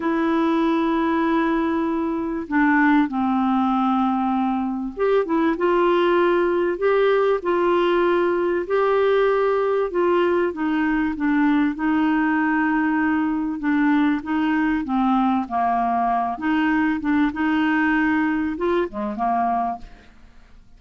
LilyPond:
\new Staff \with { instrumentName = "clarinet" } { \time 4/4 \tempo 4 = 97 e'1 | d'4 c'2. | g'8 e'8 f'2 g'4 | f'2 g'2 |
f'4 dis'4 d'4 dis'4~ | dis'2 d'4 dis'4 | c'4 ais4. dis'4 d'8 | dis'2 f'8 gis8 ais4 | }